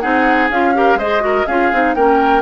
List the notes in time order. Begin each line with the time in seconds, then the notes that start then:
0.00 C4 D#4 G#4 F#5
0.50 C#4 F4 F5
0.74 G4 A#4
0.95 G#3 G#4 C5 D#5
1.20 F#4 A#4
1.46 C#4 F4 G#4 F5
1.72 C4 D#4
1.95 A#3 C#4 A#4 G5